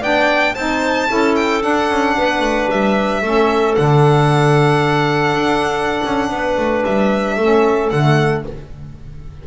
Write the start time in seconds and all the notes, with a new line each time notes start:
0.00 B3 D4 D5 G5
0.54 C4 D#4 C5 A5
1.08 C#4 E4 A4
1.35 G5
1.60 D4 F#5
1.90 C#4
2.17 B3 B4
2.40 A3
2.70 G3 E5
3.22 A3 C#4 A4
3.75 D3 D4 F#5
5.34 D4
6.05 C#4
6.29 B3 B4
6.57 A3
6.85 G3 E5
7.36 A3 C#4 A4
7.89 D3 A3 F#5